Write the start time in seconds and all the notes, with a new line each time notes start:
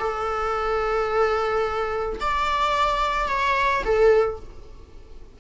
0.00 A4
2.21 D5
3.29 C#5
3.85 A4